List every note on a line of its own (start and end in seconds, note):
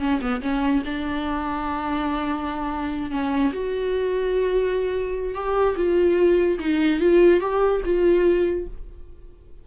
0.00 0.21 C#4
0.21 0.42 B3
0.42 0.83 C#4
0.86 3.11 D4
3.11 3.52 C#4
3.53 5.35 F#4
5.35 5.76 G4
5.77 6.59 F4
6.60 7.00 D#4
7.00 7.41 F4
7.41 7.82 G4
7.85 8.67 F4